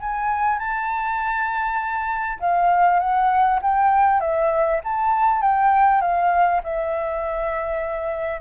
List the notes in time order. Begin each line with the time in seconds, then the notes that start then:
0.00 G#5
0.59 A5
2.40 F5
3.00 F#5
3.62 G5
4.20 E5
4.84 A5
5.42 G5
6.01 F5
6.63 E5